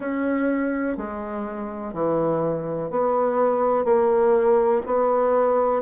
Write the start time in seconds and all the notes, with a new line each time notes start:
0.00 C#4
0.97 G#3
1.94 E3
2.90 B3
3.84 A#3
4.86 B3